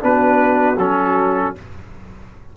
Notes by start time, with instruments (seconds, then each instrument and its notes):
0.00 tuba B3, trombone D4, horn F#4, trumpet B4
0.77 tuba F#3, trombone C#4, trumpet A4